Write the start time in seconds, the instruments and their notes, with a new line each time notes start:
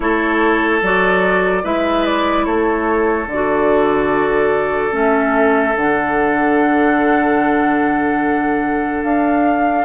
0.00 bassoon A3, clarinet E4, oboe A4, flute C#5
0.82 bassoon F#3, clarinet F#4, flute D5
1.62 bassoon G#3, clarinet E4, oboe B4, flute E5
2.05 flute D5
2.44 bassoon A3, oboe A4, flute C#5
3.26 bassoon D3, flute D5
3.33 clarinet F#4
4.91 bassoon A3, clarinet C#4, flute E5
5.76 bassoon D3, clarinet D4, flute F#5
9.03 bassoon D4, flute F5